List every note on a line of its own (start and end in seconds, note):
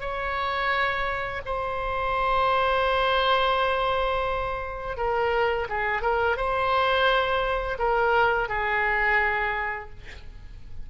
0.00 1.41 C#5
1.45 4.97 C5
4.97 5.68 A#4
5.69 6.02 G#4
6.02 6.37 A#4
6.37 7.78 C5
7.78 8.48 A#4
8.48 9.90 G#4